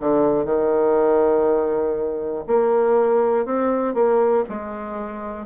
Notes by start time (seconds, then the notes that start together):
0.00 D3
0.45 D#3
2.47 A#3
3.45 C4
3.94 A#3
4.49 G#3